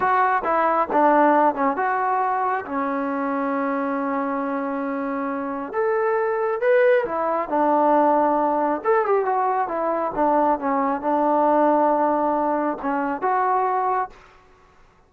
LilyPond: \new Staff \with { instrumentName = "trombone" } { \time 4/4 \tempo 4 = 136 fis'4 e'4 d'4. cis'8 | fis'2 cis'2~ | cis'1~ | cis'4 a'2 b'4 |
e'4 d'2. | a'8 g'8 fis'4 e'4 d'4 | cis'4 d'2.~ | d'4 cis'4 fis'2 | }